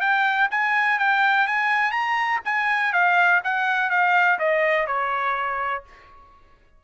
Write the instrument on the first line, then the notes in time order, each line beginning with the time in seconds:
trumpet
0.00 G5
0.50 G#5
0.98 G5
1.47 G#5
1.91 A#5
2.45 G#5
2.93 F5
3.44 F#5
3.90 F5
4.39 D#5
4.86 C#5